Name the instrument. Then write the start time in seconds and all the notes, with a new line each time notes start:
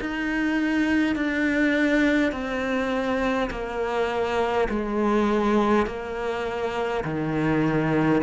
cello
0.00 D#4
1.15 D4
2.32 C4
3.50 A#3
4.69 G#3
5.86 A#3
7.04 D#3